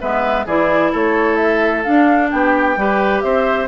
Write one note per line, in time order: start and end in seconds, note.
0.00 0.45 G#3
0.00 0.46 B3
0.00 0.46 B4
0.00 0.47 E5
0.45 0.92 E3
0.45 1.84 E4
0.45 0.91 G#4
0.45 0.93 D5
0.91 1.86 A3
0.91 2.30 A4
0.91 1.35 C#5
1.35 1.82 E5
1.83 2.77 D4
1.83 2.32 D4
1.83 2.29 F5
2.30 2.76 B3
2.30 2.79 G4
2.30 3.21 G5
2.76 3.22 G3
2.76 3.68 G4
2.76 3.24 B4
3.21 3.68 C4
3.21 3.68 C5
3.21 3.67 E5